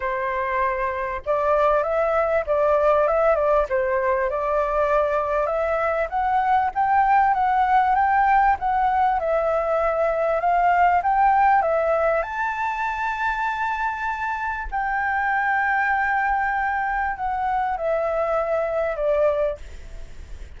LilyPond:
\new Staff \with { instrumentName = "flute" } { \time 4/4 \tempo 4 = 98 c''2 d''4 e''4 | d''4 e''8 d''8 c''4 d''4~ | d''4 e''4 fis''4 g''4 | fis''4 g''4 fis''4 e''4~ |
e''4 f''4 g''4 e''4 | a''1 | g''1 | fis''4 e''2 d''4 | }